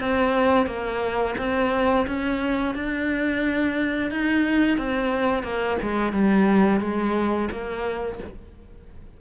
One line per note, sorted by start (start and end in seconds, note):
0.00 0.66 C4
0.66 1.35 A#3
1.38 2.06 C4
2.07 2.75 C#4
2.75 4.11 D4
4.11 4.78 D#4
4.78 5.43 C4
5.43 5.77 A#3
5.82 6.12 G#3
6.12 6.80 G3
6.81 7.49 G#3
7.51 8.19 A#3